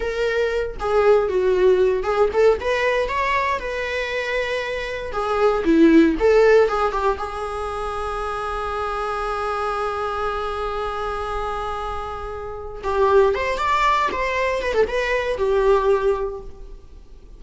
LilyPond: \new Staff \with { instrumentName = "viola" } { \time 4/4 \tempo 4 = 117 ais'4. gis'4 fis'4. | gis'8 a'8 b'4 cis''4 b'4~ | b'2 gis'4 e'4 | a'4 gis'8 g'8 gis'2~ |
gis'1~ | gis'1~ | gis'4 g'4 c''8 d''4 c''8~ | c''8 b'16 a'16 b'4 g'2 | }